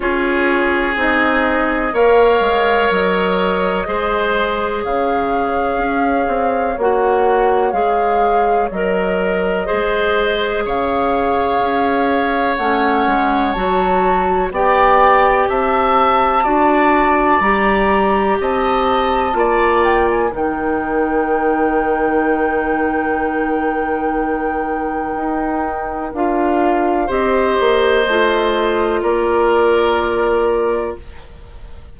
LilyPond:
<<
  \new Staff \with { instrumentName = "flute" } { \time 4/4 \tempo 4 = 62 cis''4 dis''4 f''4 dis''4~ | dis''4 f''2 fis''4 | f''4 dis''2 f''4~ | f''4 fis''4 a''4 g''4 |
a''2 ais''4 a''4~ | a''8 g''16 gis''16 g''2.~ | g''2. f''4 | dis''2 d''2 | }
  \new Staff \with { instrumentName = "oboe" } { \time 4/4 gis'2 cis''2 | c''4 cis''2.~ | cis''2 c''4 cis''4~ | cis''2. d''4 |
e''4 d''2 dis''4 | d''4 ais'2.~ | ais'1 | c''2 ais'2 | }
  \new Staff \with { instrumentName = "clarinet" } { \time 4/4 f'4 dis'4 ais'2 | gis'2. fis'4 | gis'4 ais'4 gis'2~ | gis'4 cis'4 fis'4 g'4~ |
g'4 fis'4 g'2 | f'4 dis'2.~ | dis'2. f'4 | g'4 f'2. | }
  \new Staff \with { instrumentName = "bassoon" } { \time 4/4 cis'4 c'4 ais8 gis8 fis4 | gis4 cis4 cis'8 c'8 ais4 | gis4 fis4 gis4 cis4 | cis'4 a8 gis8 fis4 b4 |
c'4 d'4 g4 c'4 | ais4 dis2.~ | dis2 dis'4 d'4 | c'8 ais8 a4 ais2 | }
>>